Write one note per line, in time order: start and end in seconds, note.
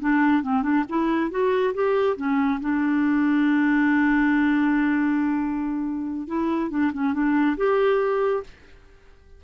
0.00 0.43 D4
0.43 0.63 C4
0.63 0.84 D4
0.89 1.30 E4
1.30 1.74 F#4
1.74 2.17 G4
2.17 2.60 C#4
2.60 6.27 D4
6.27 6.70 E4
6.70 6.92 D4
6.93 7.13 C#4
7.13 7.56 D4
7.57 8.43 G4